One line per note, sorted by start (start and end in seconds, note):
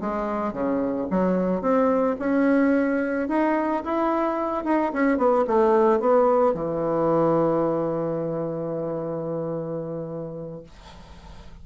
0.00 0.53 G#3
0.53 1.07 C#3
1.10 1.61 F#3
1.61 2.16 C4
2.19 3.28 C#4
3.28 3.83 D#4
3.84 4.64 E4
4.64 4.92 D#4
4.92 5.17 C#4
5.17 5.44 B3
5.47 6.00 A3
6.00 6.54 B3
6.54 10.63 E3